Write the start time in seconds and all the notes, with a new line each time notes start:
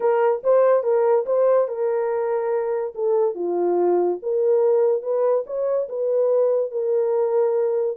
0.00 A#4
0.43 C5
0.83 A#4
1.26 C5
1.68 A#4
2.94 A4
3.35 F4
4.22 A#4
5.02 B4
5.46 C#5
5.88 B4
6.71 A#4